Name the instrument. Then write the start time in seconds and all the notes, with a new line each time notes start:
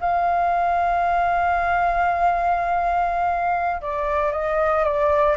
flute
0.00 F5
3.81 D5
4.32 D#5
4.84 D5